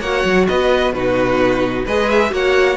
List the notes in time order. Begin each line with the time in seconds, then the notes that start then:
0.00 A#3 F#4 C#5 F#5
0.25 F#3
0.47 B3 B4 D#5
0.93 B2 D#4 F#4 B4
1.85 G#3 G#4 B4 D#5
2.10 E5
2.29 A#3 F#4 C#5 F#5